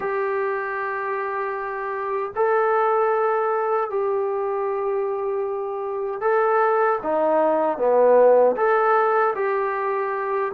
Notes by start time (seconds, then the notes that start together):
0.00 G4
2.35 A4
3.90 G4
6.20 A4
7.02 D#4
7.77 B3
8.56 A4
9.35 G4